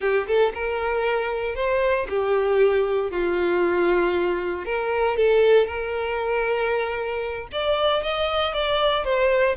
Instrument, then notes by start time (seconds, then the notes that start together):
violin
0.00 G4
0.27 A4
0.53 A#4
1.55 C5
2.09 G4
3.11 F4
4.65 A#4
5.17 A4
5.67 A#4
7.51 D5
8.02 D#5
8.53 D5
9.04 C5